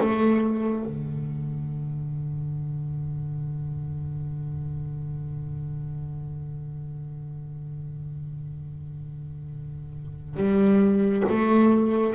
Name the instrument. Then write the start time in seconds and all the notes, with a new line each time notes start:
double bass
0.00 A3
0.85 D3
10.37 G3
11.29 A3